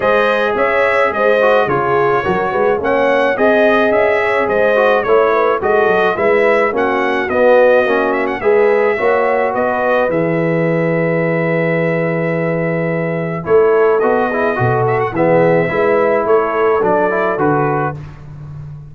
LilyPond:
<<
  \new Staff \with { instrumentName = "trumpet" } { \time 4/4 \tempo 4 = 107 dis''4 e''4 dis''4 cis''4~ | cis''4 fis''4 dis''4 e''4 | dis''4 cis''4 dis''4 e''4 | fis''4 dis''4. e''16 fis''16 e''4~ |
e''4 dis''4 e''2~ | e''1 | cis''4 dis''4. e''16 fis''16 e''4~ | e''4 cis''4 d''4 b'4 | }
  \new Staff \with { instrumentName = "horn" } { \time 4/4 c''4 cis''4 c''4 gis'4 | ais'8 b'8 cis''4 dis''4. cis''8 | c''4 cis''8 b'8 a'4 b'4 | fis'2. b'4 |
cis''4 b'2.~ | b'1 | a'4. gis'8 a'4 gis'4 | b'4 a'2. | }
  \new Staff \with { instrumentName = "trombone" } { \time 4/4 gis'2~ gis'8 fis'8 f'4 | fis'4 cis'4 gis'2~ | gis'8 fis'8 e'4 fis'4 e'4 | cis'4 b4 cis'4 gis'4 |
fis'2 gis'2~ | gis'1 | e'4 fis'8 e'8 fis'4 b4 | e'2 d'8 e'8 fis'4 | }
  \new Staff \with { instrumentName = "tuba" } { \time 4/4 gis4 cis'4 gis4 cis4 | fis8 gis8 ais4 c'4 cis'4 | gis4 a4 gis8 fis8 gis4 | ais4 b4 ais4 gis4 |
ais4 b4 e2~ | e1 | a4 b4 b,4 e4 | gis4 a4 fis4 d4 | }
>>